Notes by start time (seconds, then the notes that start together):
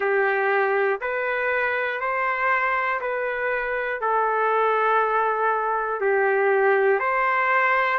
0.00 G4
1.00 B4
2.00 C5
3.00 B4
4.00 A4
6.00 G4
6.99 C5